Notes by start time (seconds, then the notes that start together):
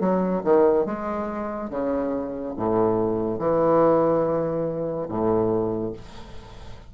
0.00 F#3
0.44 D#3
0.86 G#3
1.70 C#3
2.57 A2
3.39 E3
5.08 A2